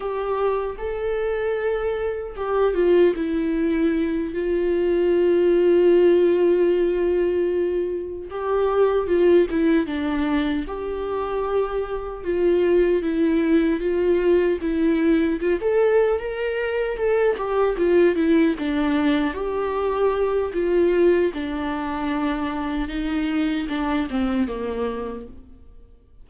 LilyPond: \new Staff \with { instrumentName = "viola" } { \time 4/4 \tempo 4 = 76 g'4 a'2 g'8 f'8 | e'4. f'2~ f'8~ | f'2~ f'8 g'4 f'8 | e'8 d'4 g'2 f'8~ |
f'8 e'4 f'4 e'4 f'16 a'16~ | a'8 ais'4 a'8 g'8 f'8 e'8 d'8~ | d'8 g'4. f'4 d'4~ | d'4 dis'4 d'8 c'8 ais4 | }